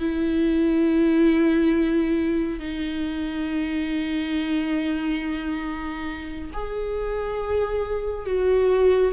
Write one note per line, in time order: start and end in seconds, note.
0.00 2.60 E4
2.60 6.51 D#4
6.53 8.26 G#4
8.26 9.13 F#4